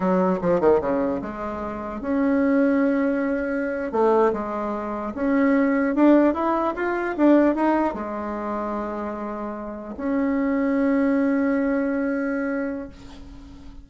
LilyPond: \new Staff \with { instrumentName = "bassoon" } { \time 4/4 \tempo 4 = 149 fis4 f8 dis8 cis4 gis4~ | gis4 cis'2.~ | cis'4.~ cis'16 a4 gis4~ gis16~ | gis8. cis'2 d'4 e'16~ |
e'8. f'4 d'4 dis'4 gis16~ | gis1~ | gis8. cis'2.~ cis'16~ | cis'1 | }